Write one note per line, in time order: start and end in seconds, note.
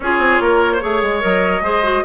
0.00 0.18 C#4
0.00 0.80 F4
0.00 0.42 G#4
0.00 1.22 C#5
0.18 0.38 C4
0.40 0.81 A#3
0.40 0.72 A#4
0.72 0.82 C5
0.80 1.02 A3
0.80 1.20 G#4
0.80 1.63 C#5
1.02 1.23 G#3
1.20 1.61 F#3
1.20 1.61 A#4
1.20 2.04 D#5
1.61 2.01 G#3
1.61 1.83 G#4
1.61 2.04 C5
1.83 2.03 F#4